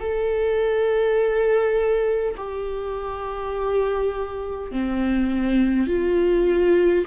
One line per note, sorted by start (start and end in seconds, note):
0.00 2.35 A4
2.37 4.72 G4
4.72 5.87 C4
5.87 7.05 F4